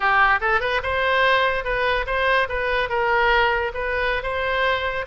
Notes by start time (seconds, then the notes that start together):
0.00 G4
0.40 A4
0.60 B4
0.83 C5
1.64 B4
2.06 C5
2.48 B4
2.89 A#4
3.74 B4
4.22 C5